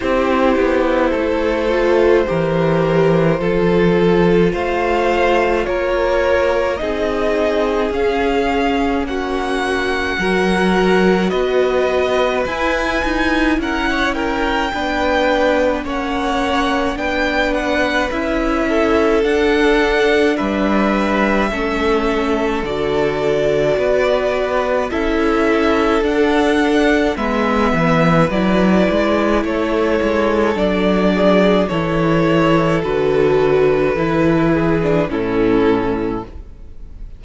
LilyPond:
<<
  \new Staff \with { instrumentName = "violin" } { \time 4/4 \tempo 4 = 53 c''1 | f''4 cis''4 dis''4 f''4 | fis''2 dis''4 gis''4 | fis''8 g''4. fis''4 g''8 fis''8 |
e''4 fis''4 e''2 | d''2 e''4 fis''4 | e''4 d''4 cis''4 d''4 | cis''4 b'2 a'4 | }
  \new Staff \with { instrumentName = "violin" } { \time 4/4 g'4 a'4 ais'4 a'4 | c''4 ais'4 gis'2 | fis'4 ais'4 b'2 | ais'16 cis''16 ais'8 b'4 cis''4 b'4~ |
b'8 a'4. b'4 a'4~ | a'4 b'4 a'2 | b'2 a'4. gis'8 | a'2~ a'8 gis'8 e'4 | }
  \new Staff \with { instrumentName = "viola" } { \time 4/4 e'4. f'8 g'4 f'4~ | f'2 dis'4 cis'4~ | cis'4 fis'2 e'4~ | e'4 d'4 cis'4 d'4 |
e'4 d'2 cis'4 | fis'2 e'4 d'4 | b4 e'2 d'4 | e'4 fis'4 e'8. d'16 cis'4 | }
  \new Staff \with { instrumentName = "cello" } { \time 4/4 c'8 b8 a4 e4 f4 | a4 ais4 c'4 cis'4 | ais4 fis4 b4 e'8 dis'8 | cis'4 b4 ais4 b4 |
cis'4 d'4 g4 a4 | d4 b4 cis'4 d'4 | gis8 e8 fis8 gis8 a8 gis8 fis4 | e4 d4 e4 a,4 | }
>>